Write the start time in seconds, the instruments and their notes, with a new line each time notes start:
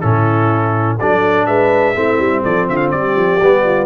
0.00 tuba A2, trombone C#4, horn E4, trumpet A4
0.99 tuba F#3, trombone D4, horn A4, trumpet D5
1.46 tuba G#3, horn B4, trumpet E5
1.95 tuba A3, trombone C4, horn E4
2.19 tuba G3
2.44 tuba F3, horn A4, trumpet D5
2.69 tuba D3, horn F4, trumpet E5
2.77 trumpet F5
2.91 tuba G3, horn G4, trumpet D5
3.16 tuba F3
3.41 tuba G3, trombone B3
3.65 horn F4